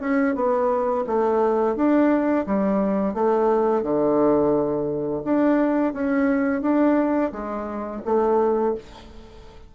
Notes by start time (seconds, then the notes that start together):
0.00 C#4
0.35 B3
1.07 A3
1.76 D4
2.46 G3
3.14 A3
3.83 D3
5.24 D4
5.93 C#4
6.62 D4
7.32 G#3
8.05 A3